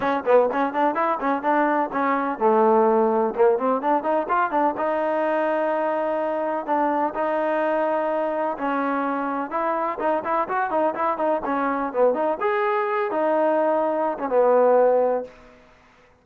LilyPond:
\new Staff \with { instrumentName = "trombone" } { \time 4/4 \tempo 4 = 126 cis'8 b8 cis'8 d'8 e'8 cis'8 d'4 | cis'4 a2 ais8 c'8 | d'8 dis'8 f'8 d'8 dis'2~ | dis'2 d'4 dis'4~ |
dis'2 cis'2 | e'4 dis'8 e'8 fis'8 dis'8 e'8 dis'8 | cis'4 b8 dis'8 gis'4. dis'8~ | dis'4.~ dis'16 cis'16 b2 | }